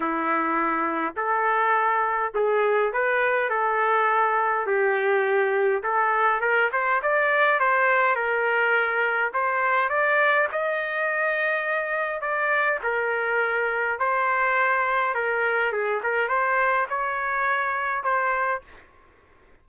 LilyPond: \new Staff \with { instrumentName = "trumpet" } { \time 4/4 \tempo 4 = 103 e'2 a'2 | gis'4 b'4 a'2 | g'2 a'4 ais'8 c''8 | d''4 c''4 ais'2 |
c''4 d''4 dis''2~ | dis''4 d''4 ais'2 | c''2 ais'4 gis'8 ais'8 | c''4 cis''2 c''4 | }